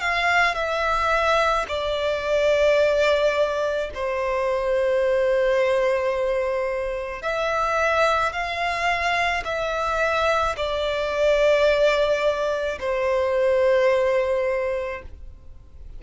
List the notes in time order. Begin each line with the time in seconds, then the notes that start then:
0.00 F5
0.55 E5
1.68 D5
3.94 C5
7.22 E5
8.32 F5
9.45 E5
10.57 D5
12.80 C5